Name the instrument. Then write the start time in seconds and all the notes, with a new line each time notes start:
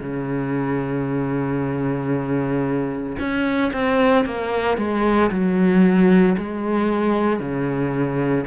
cello
0.00 C#3
3.19 C#4
3.72 C4
4.25 A#3
4.78 G#3
5.31 F#3
6.37 G#3
7.39 C#3